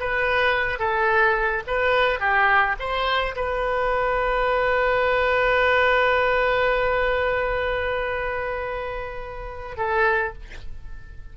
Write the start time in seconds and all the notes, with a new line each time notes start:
0.00 B4
0.79 A4
1.67 B4
2.20 G4
2.80 C5
3.36 B4
9.77 A4